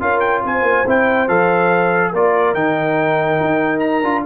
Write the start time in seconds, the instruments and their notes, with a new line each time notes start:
0.00 tuba C#4, trombone F4, horn A#4, trumpet F5
0.20 trumpet G5
0.44 tuba C4, horn C5, trumpet G#5
0.62 tuba A#3
0.86 tuba C4, trombone E4, trumpet G5
1.28 tuba F3, trombone A4, trumpet F5
2.12 tuba A#3, trombone F4, horn A#4, trumpet D5
2.54 tuba D#3, trombone D#4, trumpet G5
3.40 tuba D#4
3.80 trumpet A#5
4.04 tuba D4, trombone F4